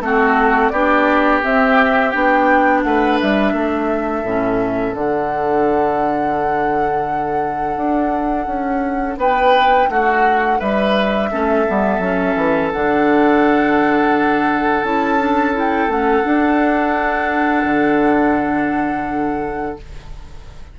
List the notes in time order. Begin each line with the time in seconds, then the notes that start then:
0.00 A3 C4 F#4 A4
0.69 B3 D4 G4 D5
1.42 C4 E5
2.10 B3 D4 G5
2.83 A3 B4 F#5
3.20 G3 E5
3.53 A3 A4
4.23 A2 C#4
4.94 D3 D4 F#5
7.76 D4
8.47 C#4
9.17 B3 B4 G5
9.89 A3 F#4 F#5
10.59 G3 B4 E5
11.31 A3 C#4 A4
11.67 G3 B3
11.99 F#3 C#4
12.36 E3
12.72 D3 D4 F#5
14.83 C#4 E4 A5
15.19 D4
15.53 E4
15.59 G5
15.87 A3 C#4 F#5
16.23 D4
17.64 D3